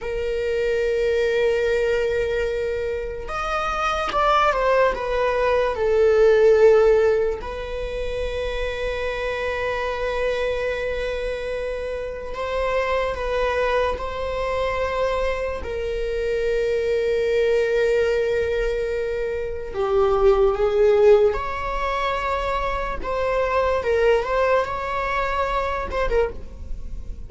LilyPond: \new Staff \with { instrumentName = "viola" } { \time 4/4 \tempo 4 = 73 ais'1 | dis''4 d''8 c''8 b'4 a'4~ | a'4 b'2.~ | b'2. c''4 |
b'4 c''2 ais'4~ | ais'1 | g'4 gis'4 cis''2 | c''4 ais'8 c''8 cis''4. c''16 ais'16 | }